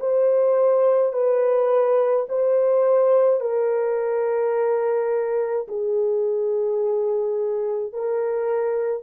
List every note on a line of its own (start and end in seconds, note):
0.00 1.13 C5
1.13 2.26 B4
2.29 3.41 C5
3.41 5.68 A#4
5.68 7.93 G#4
7.93 9.04 A#4